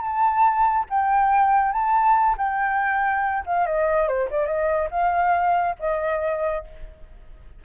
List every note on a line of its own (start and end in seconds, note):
0.00 0.85 A5
0.89 1.72 G5
1.72 2.36 A5
2.38 3.44 G5
3.46 3.66 F5
3.66 4.08 D#5
4.08 4.29 C5
4.30 4.46 D5
4.46 4.89 D#5
4.91 5.76 F5
5.79 6.64 D#5